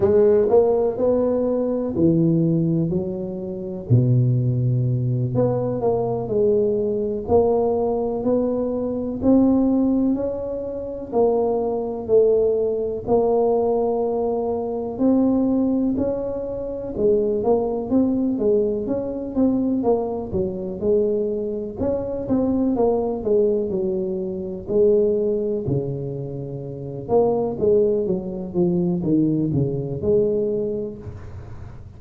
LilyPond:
\new Staff \with { instrumentName = "tuba" } { \time 4/4 \tempo 4 = 62 gis8 ais8 b4 e4 fis4 | b,4. b8 ais8 gis4 ais8~ | ais8 b4 c'4 cis'4 ais8~ | ais8 a4 ais2 c'8~ |
c'8 cis'4 gis8 ais8 c'8 gis8 cis'8 | c'8 ais8 fis8 gis4 cis'8 c'8 ais8 | gis8 fis4 gis4 cis4. | ais8 gis8 fis8 f8 dis8 cis8 gis4 | }